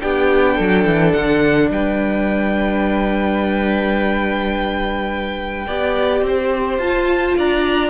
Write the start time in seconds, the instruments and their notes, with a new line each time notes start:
0.00 cello B3, viola D4, violin G4 G5
0.55 cello F#3, violin A4
0.85 cello E3
1.12 cello D3, violin F#5
1.70 cello G3, violin B4 G5
5.67 cello B3, viola G4, violin D5
6.22 cello C4, violin C5
6.78 cello F4, viola F4, violin A5
7.37 cello D4, violin D5 A#5